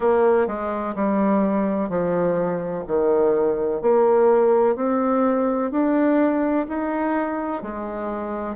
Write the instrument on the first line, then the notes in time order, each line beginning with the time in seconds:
bassoon
0.00 A#3
0.47 G#3
0.95 G3
1.89 F3
2.87 D#3
3.81 A#3
4.75 C4
5.71 D4
6.68 D#4
7.62 G#3